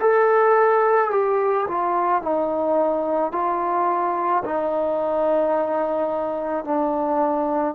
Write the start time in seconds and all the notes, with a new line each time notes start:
0.00 A4
1.10 G4
1.67 F4
2.22 D#4
3.32 F4
4.44 D#4
6.64 D4